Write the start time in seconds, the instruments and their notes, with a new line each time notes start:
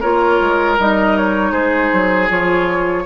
0.00 bassoon A#3, clarinet F4, oboe A#4, flute C#5
0.40 bassoon G#3
0.78 bassoon G3, clarinet D#4, flute D#5
1.17 flute C#5
1.51 bassoon G#3, oboe G#4, flute C5
1.93 bassoon F#3
2.29 bassoon F3, clarinet F4, flute C#5